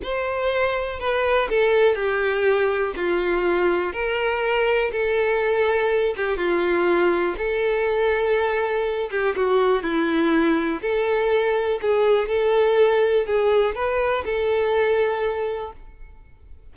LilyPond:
\new Staff \with { instrumentName = "violin" } { \time 4/4 \tempo 4 = 122 c''2 b'4 a'4 | g'2 f'2 | ais'2 a'2~ | a'8 g'8 f'2 a'4~ |
a'2~ a'8 g'8 fis'4 | e'2 a'2 | gis'4 a'2 gis'4 | b'4 a'2. | }